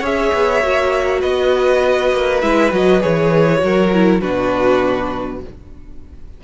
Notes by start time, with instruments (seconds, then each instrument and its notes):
0.00 cello C#4, viola G#4, violin C#5 E5
0.33 cello B3
0.62 cello A#3, viola F#4
1.20 cello B3, violin B4 D#5
2.12 cello A#3
2.41 cello G#3, viola E4, violin E5
2.70 cello F#3, viola F#4, violin D#5
3.00 cello E3, viola G#4, violin C#5
3.58 cello F#3, viola F#4, violin A#4
3.93 viola E4
4.20 cello B2, viola D4, violin F#4 B4